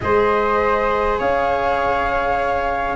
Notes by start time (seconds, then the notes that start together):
0.00 G#3 G#4 C5 D#5
1.18 C#4 C#5 F5